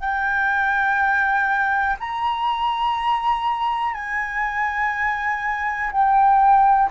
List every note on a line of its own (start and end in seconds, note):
0.00 1.97 G5
2.00 3.94 A#5
3.94 5.91 G#5
5.92 6.90 G5